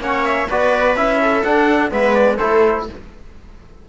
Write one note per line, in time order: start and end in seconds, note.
0.00 0.47 A#3
0.00 0.48 C#4
0.00 0.50 C#5
0.00 0.25 F#5
0.25 0.49 E5
0.50 0.96 B3
0.50 0.97 F#4
0.50 1.21 B4
0.50 0.96 D5
0.96 1.44 C#4
0.96 1.44 E4
0.96 1.44 E5
1.21 1.92 A4
1.44 1.90 D4
1.44 1.92 D4
1.44 1.91 F#5
1.90 2.39 G#3
1.90 2.38 B3
1.90 2.37 B4
1.90 2.14 E5
2.14 2.38 D5
2.37 2.89 A3
2.37 2.88 E4
2.37 2.84 A4
2.37 2.86 C5